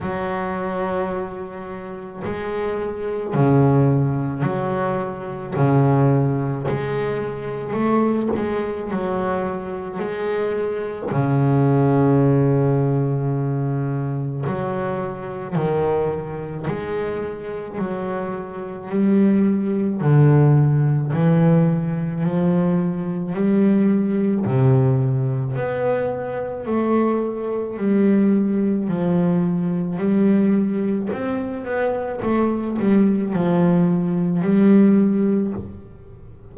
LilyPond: \new Staff \with { instrumentName = "double bass" } { \time 4/4 \tempo 4 = 54 fis2 gis4 cis4 | fis4 cis4 gis4 a8 gis8 | fis4 gis4 cis2~ | cis4 fis4 dis4 gis4 |
fis4 g4 d4 e4 | f4 g4 c4 b4 | a4 g4 f4 g4 | c'8 b8 a8 g8 f4 g4 | }